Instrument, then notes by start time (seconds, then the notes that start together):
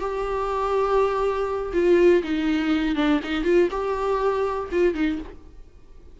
viola
0.00 G4
1.73 F4
2.23 D#4
2.96 D4
3.24 D#4
3.44 F4
3.71 G4
4.72 F4
4.94 D#4